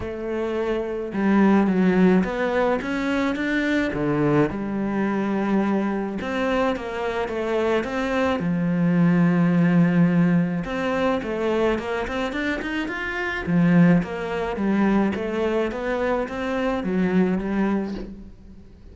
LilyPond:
\new Staff \with { instrumentName = "cello" } { \time 4/4 \tempo 4 = 107 a2 g4 fis4 | b4 cis'4 d'4 d4 | g2. c'4 | ais4 a4 c'4 f4~ |
f2. c'4 | a4 ais8 c'8 d'8 dis'8 f'4 | f4 ais4 g4 a4 | b4 c'4 fis4 g4 | }